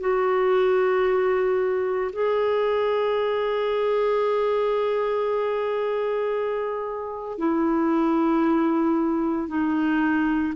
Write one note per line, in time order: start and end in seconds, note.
0.00 2.11 F#4
2.12 7.38 G#4
7.38 9.48 E4
9.48 10.53 D#4